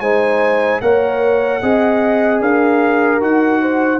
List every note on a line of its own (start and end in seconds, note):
0.00 0.80 G#3
0.00 0.82 D#4
0.00 0.81 C5
0.00 0.80 G#5
0.81 1.62 A#3
0.81 1.62 A#4
0.81 1.62 C#5
0.81 2.41 F#5
1.62 2.41 C4
1.62 3.20 G#4
1.62 2.42 D#5
2.41 3.21 D4
2.41 3.61 A#4
2.41 3.22 F5
3.20 4.00 D#4
3.20 4.00 F#4
3.20 4.00 F#5
3.61 4.00 C5